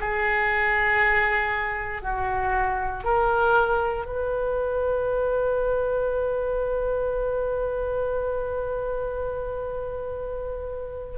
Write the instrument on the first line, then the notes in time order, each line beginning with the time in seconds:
oboe
0.00 G#4
2.02 F#4
3.04 A#4
4.06 B4